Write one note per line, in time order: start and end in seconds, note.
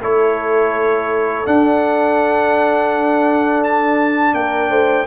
0.00 1.45 A3
0.00 1.45 E4
0.00 4.35 A4
0.00 1.46 C#5
1.45 5.06 D4
1.45 4.34 D4
1.45 3.63 F#5
3.63 4.34 A5
4.34 4.69 A#3
4.34 4.70 A#4
4.34 5.06 G5
4.69 5.05 A3
4.69 5.06 C5